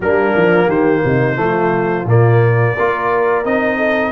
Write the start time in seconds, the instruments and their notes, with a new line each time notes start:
0.00 tuba G3, trombone A#3, horn D4, trumpet A#4
0.35 tuba F3
0.66 tuba D#3, horn G4, trumpet C5
1.04 tuba C3, horn D#4
1.35 tuba F3, trombone A3, horn F4
2.05 tuba A#2, trombone A#3, trumpet D5
2.74 tuba A#3, trombone F4, horn A#4
3.44 tuba C4, trombone D#4, trumpet D#5
3.77 horn A4